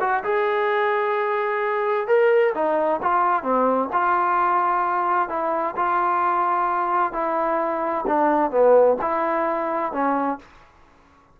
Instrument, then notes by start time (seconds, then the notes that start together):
trombone
0.00 F#4
0.23 G#4
2.07 A#4
2.54 D#4
3.02 F4
3.43 C4
3.92 F4
5.29 E4
5.76 F4
7.12 E4
8.07 D4
8.50 B3
9.01 E4
9.92 C#4